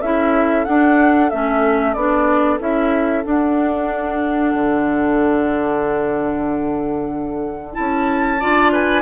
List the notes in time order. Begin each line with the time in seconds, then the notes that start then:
0.00 C#4 E4 A4 E5
0.65 D4 F#5
1.29 A3 C#4 E5
1.93 B3 D4 D5
2.59 C#4 E4 E5
3.23 D4 F#5
4.53 D3
7.73 C#4 E4 A5
8.40 D4 F4 D5
8.72 B4 G#5